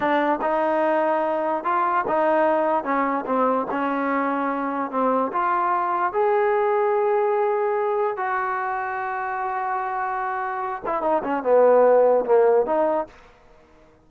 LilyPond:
\new Staff \with { instrumentName = "trombone" } { \time 4/4 \tempo 4 = 147 d'4 dis'2. | f'4 dis'2 cis'4 | c'4 cis'2. | c'4 f'2 gis'4~ |
gis'1 | fis'1~ | fis'2~ fis'8 e'8 dis'8 cis'8 | b2 ais4 dis'4 | }